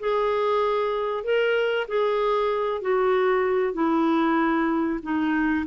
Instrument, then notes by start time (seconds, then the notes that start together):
clarinet
0.00 G#4
1.24 A#4
1.88 G#4
2.82 F#4
3.74 E4
5.03 D#4